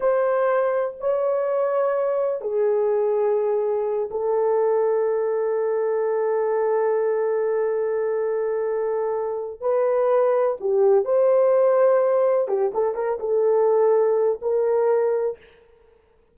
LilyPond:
\new Staff \with { instrumentName = "horn" } { \time 4/4 \tempo 4 = 125 c''2 cis''2~ | cis''4 gis'2.~ | gis'8 a'2.~ a'8~ | a'1~ |
a'1 | b'2 g'4 c''4~ | c''2 g'8 a'8 ais'8 a'8~ | a'2 ais'2 | }